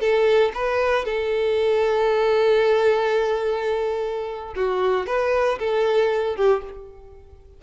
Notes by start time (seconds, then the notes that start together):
0.00 A4
0.54 B4
1.05 A4
4.56 F#4
5.07 B4
5.59 A4
6.36 G4